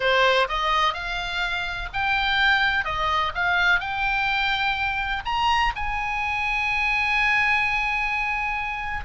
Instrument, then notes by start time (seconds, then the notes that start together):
oboe
0.00 C5
0.48 D#5
0.93 F5
1.93 G5
2.84 D#5
3.34 F5
3.80 G5
5.25 A#5
5.75 G#5